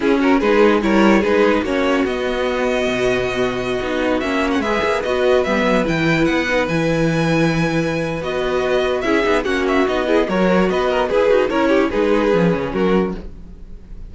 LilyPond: <<
  \new Staff \with { instrumentName = "violin" } { \time 4/4 \tempo 4 = 146 gis'8 ais'8 b'4 cis''4 b'4 | cis''4 dis''2.~ | dis''2~ dis''16 e''8. fis''16 e''8.~ | e''16 dis''4 e''4 g''4 fis''8.~ |
fis''16 gis''2.~ gis''8. | dis''2 e''4 fis''8 e''8 | dis''4 cis''4 dis''4 b'4 | cis''4 b'2 ais'4 | }
  \new Staff \with { instrumentName = "violin" } { \time 4/4 e'8 fis'8 gis'4 ais'4 gis'4 | fis'1~ | fis'2.~ fis'16 b'8.~ | b'1~ |
b'1~ | b'2 gis'4 fis'4~ | fis'8 gis'8 ais'4 b'8 ais'8 gis'4 | ais'8 g'8 gis'2 fis'4 | }
  \new Staff \with { instrumentName = "viola" } { \time 4/4 cis'4 dis'4 e'4 dis'4 | cis'4 b2.~ | b4~ b16 dis'4 cis'4 gis'8.~ | gis'16 fis'4 b4 e'4. dis'16~ |
dis'16 e'2.~ e'8. | fis'2 e'8 dis'8 cis'4 | dis'8 e'8 fis'2 gis'8 fis'8 | e'4 dis'4 cis'2 | }
  \new Staff \with { instrumentName = "cello" } { \time 4/4 cis'4 gis4 g4 gis4 | ais4 b2 b,4~ | b,4~ b,16 b4 ais4 gis8 ais16~ | ais16 b4 g8 fis8 e4 b8.~ |
b16 e2.~ e8. | b2 cis'8 b8 ais4 | b4 fis4 b4 e'8 dis'8 | cis'4 gis4 f8 cis8 fis4 | }
>>